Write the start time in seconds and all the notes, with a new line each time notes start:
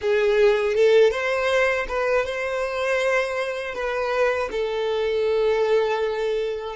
0.01 G#4
0.74 A4
1.11 C5
1.88 B4
2.25 C5
3.74 B4
4.51 A4